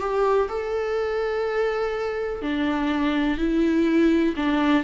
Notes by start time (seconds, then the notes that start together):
0.00 G4
0.49 A4
2.42 D4
3.38 E4
4.37 D4